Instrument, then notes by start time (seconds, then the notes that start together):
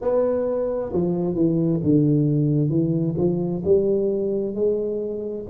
tuba
0.01 B3
0.92 F3
1.34 E3
1.83 D3
2.69 E3
3.17 F3
3.64 G3
4.55 G#3